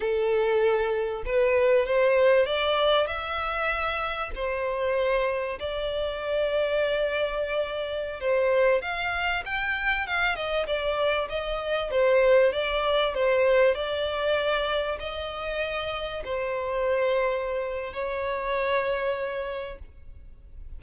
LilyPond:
\new Staff \with { instrumentName = "violin" } { \time 4/4 \tempo 4 = 97 a'2 b'4 c''4 | d''4 e''2 c''4~ | c''4 d''2.~ | d''4~ d''16 c''4 f''4 g''8.~ |
g''16 f''8 dis''8 d''4 dis''4 c''8.~ | c''16 d''4 c''4 d''4.~ d''16~ | d''16 dis''2 c''4.~ c''16~ | c''4 cis''2. | }